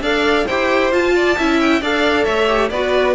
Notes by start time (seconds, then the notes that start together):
0.00 D4 A4 D5 F5
0.46 E4 G4 C5 G5
0.91 F4 A5
1.15 D5
1.37 C#4 E4 E5
1.60 G5
1.81 D4 A4 D5 F5
2.24 A3 C#5 E5
2.47 G4
2.69 B3 F#4 B4 D5